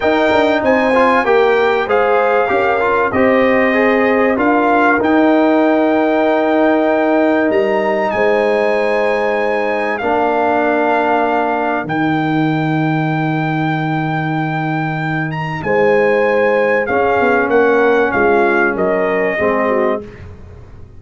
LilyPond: <<
  \new Staff \with { instrumentName = "trumpet" } { \time 4/4 \tempo 4 = 96 g''4 gis''4 g''4 f''4~ | f''4 dis''2 f''4 | g''1 | ais''4 gis''2. |
f''2. g''4~ | g''1~ | g''8 ais''8 gis''2 f''4 | fis''4 f''4 dis''2 | }
  \new Staff \with { instrumentName = "horn" } { \time 4/4 ais'4 c''4 ais'4 c''4 | ais'4 c''2 ais'4~ | ais'1~ | ais'4 c''2. |
ais'1~ | ais'1~ | ais'4 c''2 gis'4 | ais'4 f'4 ais'4 gis'8 fis'8 | }
  \new Staff \with { instrumentName = "trombone" } { \time 4/4 dis'4. f'8 g'4 gis'4 | g'8 f'8 g'4 gis'4 f'4 | dis'1~ | dis'1 |
d'2. dis'4~ | dis'1~ | dis'2. cis'4~ | cis'2. c'4 | }
  \new Staff \with { instrumentName = "tuba" } { \time 4/4 dis'8 d'8 c'4 ais4 gis4 | cis'4 c'2 d'4 | dis'1 | g4 gis2. |
ais2. dis4~ | dis1~ | dis4 gis2 cis'8 b8 | ais4 gis4 fis4 gis4 | }
>>